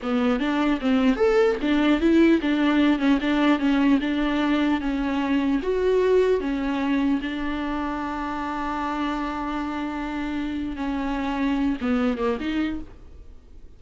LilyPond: \new Staff \with { instrumentName = "viola" } { \time 4/4 \tempo 4 = 150 b4 d'4 c'4 a'4 | d'4 e'4 d'4. cis'8 | d'4 cis'4 d'2 | cis'2 fis'2 |
cis'2 d'2~ | d'1~ | d'2. cis'4~ | cis'4. b4 ais8 dis'4 | }